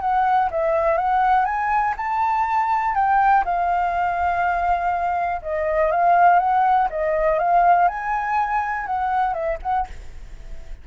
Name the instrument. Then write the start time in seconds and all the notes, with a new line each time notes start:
flute
0.00 F#5
0.51 E5
0.97 F#5
1.45 G#5
1.96 A5
2.95 G5
3.44 F5
5.41 D#5
5.91 F5
6.39 F#5
6.90 D#5
7.38 F5
7.88 G#5
8.86 F#5
9.33 E5
9.62 F#5